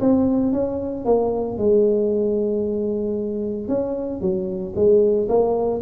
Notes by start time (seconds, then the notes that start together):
0.00 C4
0.52 C#4
1.05 A#3
1.57 G#3
3.68 C#4
4.21 F#3
4.75 G#3
5.28 A#3